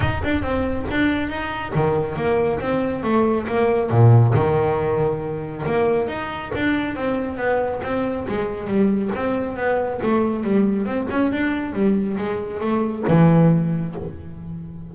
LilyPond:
\new Staff \with { instrumentName = "double bass" } { \time 4/4 \tempo 4 = 138 dis'8 d'8 c'4 d'4 dis'4 | dis4 ais4 c'4 a4 | ais4 ais,4 dis2~ | dis4 ais4 dis'4 d'4 |
c'4 b4 c'4 gis4 | g4 c'4 b4 a4 | g4 c'8 cis'8 d'4 g4 | gis4 a4 e2 | }